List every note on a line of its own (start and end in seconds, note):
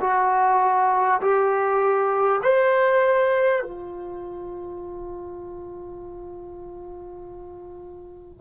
0.00 1.20 F#4
1.21 2.41 G4
2.42 3.62 C5
3.62 8.41 F4